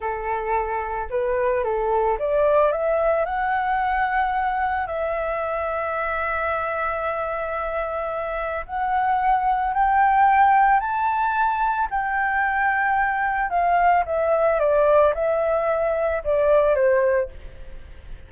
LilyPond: \new Staff \with { instrumentName = "flute" } { \time 4/4 \tempo 4 = 111 a'2 b'4 a'4 | d''4 e''4 fis''2~ | fis''4 e''2.~ | e''1 |
fis''2 g''2 | a''2 g''2~ | g''4 f''4 e''4 d''4 | e''2 d''4 c''4 | }